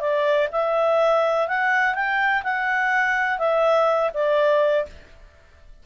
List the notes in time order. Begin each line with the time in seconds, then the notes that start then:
0.00 D5
0.52 E5
1.47 F#5
1.94 G5
2.43 F#5
3.38 E5
4.14 D5